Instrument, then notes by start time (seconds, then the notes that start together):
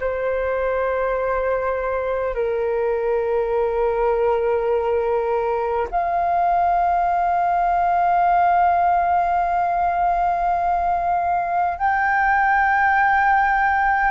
flute
0.00 C5
2.35 A#4
5.91 F5
11.79 G5